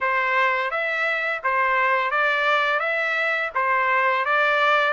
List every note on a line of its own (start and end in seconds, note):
0.00 0.71 C5
0.71 1.41 E5
1.43 2.10 C5
2.10 2.79 D5
2.79 3.50 E5
3.55 4.25 C5
4.25 4.93 D5